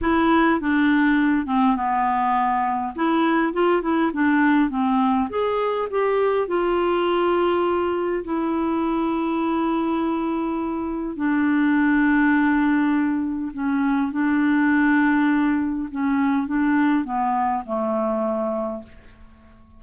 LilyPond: \new Staff \with { instrumentName = "clarinet" } { \time 4/4 \tempo 4 = 102 e'4 d'4. c'8 b4~ | b4 e'4 f'8 e'8 d'4 | c'4 gis'4 g'4 f'4~ | f'2 e'2~ |
e'2. d'4~ | d'2. cis'4 | d'2. cis'4 | d'4 b4 a2 | }